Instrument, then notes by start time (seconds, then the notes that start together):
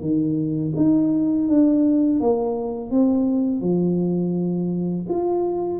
tuba
0.00 D#3
0.76 D#4
1.48 D4
2.20 A#3
2.90 C4
3.61 F3
5.09 F4